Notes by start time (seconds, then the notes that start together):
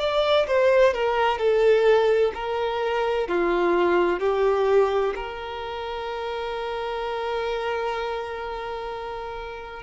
0.00 D5
0.47 C5
0.94 A#4
1.38 A4
2.35 A#4
3.28 F4
4.20 G4
5.16 A#4